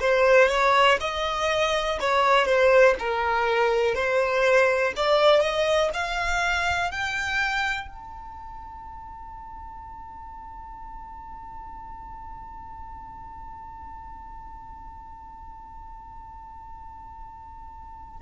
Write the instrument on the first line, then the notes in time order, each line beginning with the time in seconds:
violin
0.00 C5
0.49 C#5
1.00 D#5
2.00 C#5
2.46 C5
2.99 A#4
3.95 C5
4.97 D5
5.41 D#5
5.94 F5
6.91 G5
7.89 A5